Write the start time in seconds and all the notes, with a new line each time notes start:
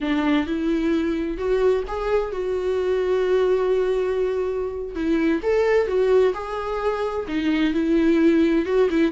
0.01 D4
0.46 E4
1.37 F#4
1.87 G#4
2.32 F#4
4.95 E4
5.42 A4
5.87 F#4
6.33 G#4
7.28 D#4
7.73 E4
8.65 F#4
8.90 E4